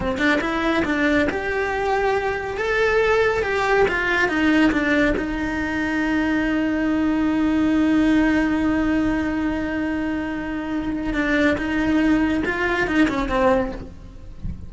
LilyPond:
\new Staff \with { instrumentName = "cello" } { \time 4/4 \tempo 4 = 140 c'8 d'8 e'4 d'4 g'4~ | g'2 a'2 | g'4 f'4 dis'4 d'4 | dis'1~ |
dis'1~ | dis'1~ | dis'2 d'4 dis'4~ | dis'4 f'4 dis'8 cis'8 c'4 | }